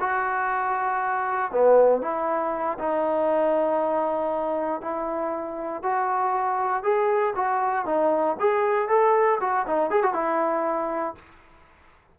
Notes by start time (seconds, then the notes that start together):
0.00 F#4
1.52 B3
2.02 E4
2.79 D#4
4.81 E4
5.83 F#4
6.83 G#4
7.36 F#4
7.86 D#4
8.39 G#4
8.88 A4
9.40 F#4
9.67 D#4
9.90 G#4
10.03 F#4
10.14 E4